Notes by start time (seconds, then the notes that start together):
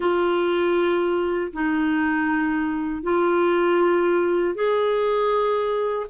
0.00 F4
1.52 D#4
3.02 F4
4.54 G#4